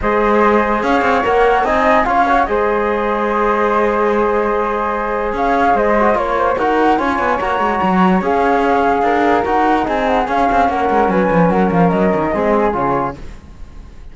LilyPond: <<
  \new Staff \with { instrumentName = "flute" } { \time 4/4 \tempo 4 = 146 dis''2 f''4 fis''4 | gis''4 f''4 dis''2~ | dis''1~ | dis''4 f''4 dis''4 cis''4 |
fis''4 gis''4 ais''2 | f''2. fis''4 | gis''8 fis''8 f''4 fis''4 gis''4 | fis''8 f''8 dis''2 cis''4 | }
  \new Staff \with { instrumentName = "flute" } { \time 4/4 c''2 cis''2 | dis''4 cis''4 c''2~ | c''1~ | c''4 cis''4 c''4 cis''8 c''8 |
ais'4 cis''2.~ | cis''2 ais'2 | gis'2 ais'4 b'4 | ais'2 gis'2 | }
  \new Staff \with { instrumentName = "trombone" } { \time 4/4 gis'2. ais'4 | dis'4 f'8 fis'8 gis'2~ | gis'1~ | gis'2~ gis'8 fis'8 f'4 |
fis'4 f'4 fis'2 | gis'2. fis'4 | dis'4 cis'2.~ | cis'2 c'4 f'4 | }
  \new Staff \with { instrumentName = "cello" } { \time 4/4 gis2 cis'8 c'8 ais4 | c'4 cis'4 gis2~ | gis1~ | gis4 cis'4 gis4 ais4 |
dis'4 cis'8 b8 ais8 gis8 fis4 | cis'2 d'4 dis'4 | c'4 cis'8 c'8 ais8 gis8 fis8 f8 | fis8 f8 fis8 dis8 gis4 cis4 | }
>>